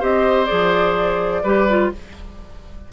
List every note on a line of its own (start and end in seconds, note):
0.00 0.50 C4
0.00 0.47 G4
0.00 1.43 C5
0.00 0.46 D#5
0.46 1.44 F3
0.46 1.43 G#4
0.46 1.89 D5
1.44 1.92 G3
1.44 1.69 G4
1.44 1.91 B4
1.69 1.93 F4